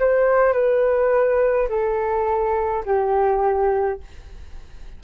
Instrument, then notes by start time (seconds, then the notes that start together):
flute
0.00 C5
0.53 B4
1.69 A4
2.85 G4